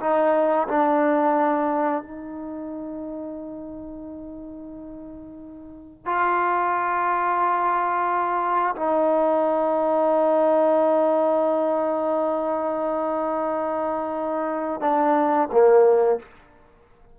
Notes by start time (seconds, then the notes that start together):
0.00 D#4
0.68 D4
2.03 D#4
6.06 F4
8.75 D#4
14.81 D4
15.52 A#3